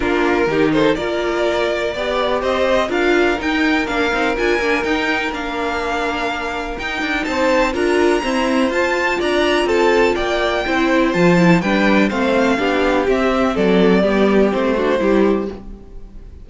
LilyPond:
<<
  \new Staff \with { instrumentName = "violin" } { \time 4/4 \tempo 4 = 124 ais'4. c''8 d''2~ | d''4 dis''4 f''4 g''4 | f''4 gis''4 g''4 f''4~ | f''2 g''4 a''4 |
ais''2 a''4 ais''4 | a''4 g''2 a''4 | g''4 f''2 e''4 | d''2 c''2 | }
  \new Staff \with { instrumentName = "violin" } { \time 4/4 f'4 g'8 a'8 ais'2 | d''4 c''4 ais'2~ | ais'1~ | ais'2. c''4 |
ais'4 c''2 d''4 | a'4 d''4 c''2 | b'4 c''4 g'2 | a'4 g'4. fis'8 g'4 | }
  \new Staff \with { instrumentName = "viola" } { \time 4/4 d'4 dis'4 f'2 | g'2 f'4 dis'4 | d'8 dis'8 f'8 d'8 dis'4 d'4~ | d'2 dis'2 |
f'4 c'4 f'2~ | f'2 e'4 f'8 e'8 | d'4 c'4 d'4 c'4~ | c'4 b4 c'8 d'8 e'4 | }
  \new Staff \with { instrumentName = "cello" } { \time 4/4 ais4 dis4 ais2 | b4 c'4 d'4 dis'4 | ais8 c'8 d'8 ais8 dis'4 ais4~ | ais2 dis'8 d'8 c'4 |
d'4 e'4 f'4 d'4 | c'4 ais4 c'4 f4 | g4 a4 b4 c'4 | fis4 g4 a4 g4 | }
>>